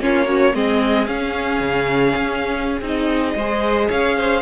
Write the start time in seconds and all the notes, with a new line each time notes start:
0.00 A#3 C#4 F4 C#5
0.25 C#4 F#4
0.53 G#3 C4 G#4 D#5
1.06 C#4 F5
1.60 C#3
2.15 C#4
2.81 C4 D#4 D#5
3.35 G#3 G#4 C5
3.89 C#4 C#5 F5
4.17 C5